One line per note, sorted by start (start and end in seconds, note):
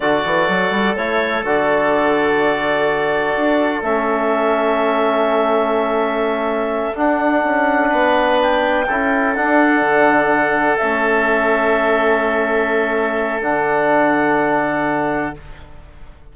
0.00 0.23 D3
0.00 0.97 F#4
0.00 7.89 A4
0.00 0.95 D5
0.25 0.48 E3
0.48 0.70 F#3
0.70 0.94 G3
0.96 1.43 A3
0.96 1.45 E4
0.96 1.44 C#5
1.43 3.35 D3
1.43 3.83 F#4
1.43 3.83 D5
3.36 3.82 D4
3.82 6.94 A3
3.82 6.95 C#4
3.82 6.95 E5
6.95 8.87 D4
6.95 7.44 D4
6.95 8.40 F#5
7.44 7.92 C#4
7.89 8.88 B3
7.89 8.85 B4
8.41 9.35 G5
8.87 9.37 C#4
8.87 9.35 E4
8.87 15.35 A4
9.35 10.79 D4
9.35 9.81 D4
9.35 10.76 F#5
9.81 10.77 D3
10.76 13.43 A3
10.76 13.42 C#4
10.76 13.40 E5
13.42 15.35 D3
13.42 15.34 D4
13.42 15.35 F#5